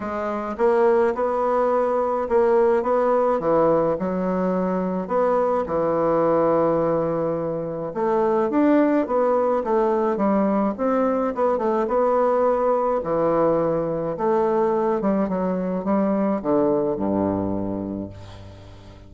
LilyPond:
\new Staff \with { instrumentName = "bassoon" } { \time 4/4 \tempo 4 = 106 gis4 ais4 b2 | ais4 b4 e4 fis4~ | fis4 b4 e2~ | e2 a4 d'4 |
b4 a4 g4 c'4 | b8 a8 b2 e4~ | e4 a4. g8 fis4 | g4 d4 g,2 | }